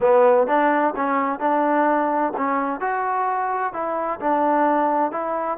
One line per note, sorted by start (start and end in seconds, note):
0.00 0.47 B3
0.47 0.93 D4
0.96 1.39 C#4
1.39 2.32 D4
2.36 2.80 C#4
2.80 3.73 F#4
3.73 4.19 E4
4.20 5.11 D4
5.11 5.57 E4